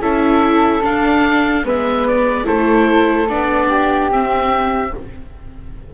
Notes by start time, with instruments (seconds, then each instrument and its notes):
0.00 double bass C#4, viola E4, flute A4, oboe E5
0.82 viola D4, double bass D4, oboe F5
1.64 double bass G#3, viola B3, flute B4, oboe E5
2.07 oboe D5
2.44 double bass A3, viola E4, flute A4, oboe C5
3.29 double bass B3, viola D4, oboe D5
3.68 flute G4
4.11 double bass C4, viola C4, oboe E5